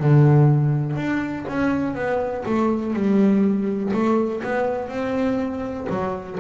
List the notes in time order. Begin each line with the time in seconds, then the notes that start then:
0.00 D3
0.97 D4
1.49 C#4
1.95 B3
2.46 A3
2.94 G3
3.93 A3
4.44 B3
4.89 C4
5.90 F#3